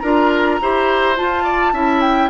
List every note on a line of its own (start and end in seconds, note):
0.00 0.61 D4
0.00 0.61 F4
0.00 0.60 A#4
0.00 1.15 A#5
0.62 1.20 E4
0.62 1.16 G4
0.62 1.44 C5
1.16 1.73 F4
1.16 1.74 F4
1.16 2.01 A5
1.44 1.73 D5
1.73 2.31 C#4
1.73 2.31 E4
1.73 2.31 E5
2.01 2.30 G5